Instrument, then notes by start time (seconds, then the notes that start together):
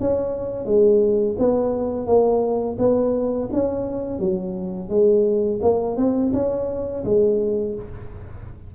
tuba
0.00 C#4
0.65 G#3
1.38 B3
2.06 A#3
2.78 B3
3.52 C#4
4.19 F#3
4.89 G#3
5.61 A#3
5.96 C4
6.33 C#4
7.04 G#3